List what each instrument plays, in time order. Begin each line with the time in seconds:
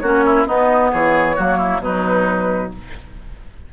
0.00 bassoon A#3, clarinet C#4, oboe F#4, flute C#5
0.26 oboe E4
0.46 clarinet B3, bassoon B3, oboe D#4, flute D#5
0.92 bassoon E3, oboe G#4, flute C#5
1.36 bassoon F#3, clarinet A#3, oboe F#4
1.58 oboe E4
1.80 bassoon B2, clarinet F#3, oboe D#4, flute B4